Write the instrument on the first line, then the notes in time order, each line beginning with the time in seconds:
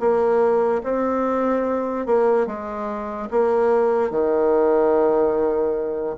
bassoon
0.00 A#3
0.83 C4
2.06 A#3
2.47 G#3
3.31 A#3
4.11 D#3